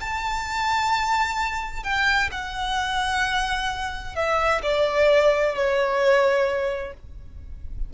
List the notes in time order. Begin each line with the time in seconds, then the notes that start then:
0.00 A5
1.83 G5
2.31 F#5
4.15 E5
4.63 D5
5.55 C#5